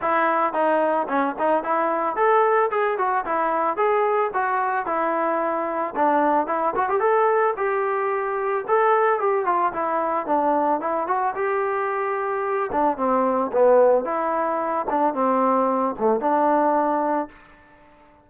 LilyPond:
\new Staff \with { instrumentName = "trombone" } { \time 4/4 \tempo 4 = 111 e'4 dis'4 cis'8 dis'8 e'4 | a'4 gis'8 fis'8 e'4 gis'4 | fis'4 e'2 d'4 | e'8 fis'16 g'16 a'4 g'2 |
a'4 g'8 f'8 e'4 d'4 | e'8 fis'8 g'2~ g'8 d'8 | c'4 b4 e'4. d'8 | c'4. a8 d'2 | }